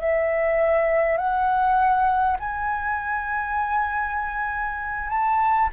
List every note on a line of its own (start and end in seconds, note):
0.00 1.17 E5
1.17 2.37 F#5
2.39 5.09 G#5
5.09 5.69 A5